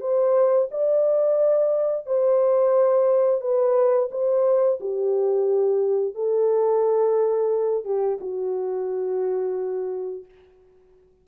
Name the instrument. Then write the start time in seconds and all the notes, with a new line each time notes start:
horn
0.00 C5
0.71 D5
2.06 C5
3.41 B4
4.11 C5
4.80 G4
6.15 A4
7.84 G4
8.21 F#4